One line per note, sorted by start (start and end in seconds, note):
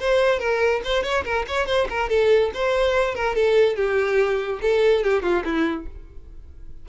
0.00 0.40 C5
0.40 0.82 A#4
0.85 1.04 C5
1.04 1.25 C#5
1.25 1.46 A#4
1.48 1.67 C#5
1.67 1.88 C5
1.90 2.10 A#4
2.10 2.52 A4
2.54 3.15 C5
3.15 3.36 A#4
3.36 3.76 A4
3.76 4.60 G4
4.62 5.04 A4
5.04 5.23 G4
5.23 5.44 F4
5.45 5.86 E4